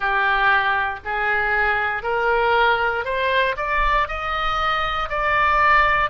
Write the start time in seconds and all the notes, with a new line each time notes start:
0.00 G4
1.04 G#4
2.02 A#4
3.05 C5
3.56 D5
4.08 D#5
5.09 D5